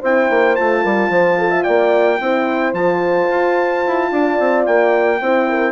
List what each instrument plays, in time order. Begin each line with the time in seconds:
0.00 bassoon C4, horn E4 C5, trumpet G5
0.30 bassoon A#3
0.55 bassoon A3, horn F4, trumpet A5
0.82 bassoon G3, horn A#4
1.09 bassoon F3, horn C5
1.39 horn A4
1.50 horn E5
1.63 bassoon A#3, horn D5, trumpet G5
2.20 bassoon C4, horn E4 C5
2.73 bassoon F3, horn F4, trumpet A5
3.30 bassoon F4
3.86 bassoon E4
4.11 bassoon D4, horn D5
4.39 bassoon C4
4.65 bassoon A#3, trumpet G5
5.21 bassoon C4, horn E4 C5
5.49 horn A#4